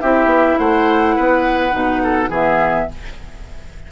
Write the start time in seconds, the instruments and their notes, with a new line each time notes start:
0.00 bassoon C4, clarinet E4, oboe G4, flute E5
0.25 bassoon B3
0.58 bassoon A3, oboe C5, flute F#5
1.15 bassoon B3, oboe B4
1.70 bassoon B2, clarinet D#4
2.03 oboe A4
2.29 bassoon E3, clarinet B3, oboe G#4, flute E5